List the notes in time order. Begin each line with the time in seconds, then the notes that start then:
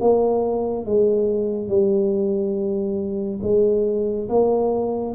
0.00 A#3
0.85 G#3
1.68 G3
3.42 G#3
4.29 A#3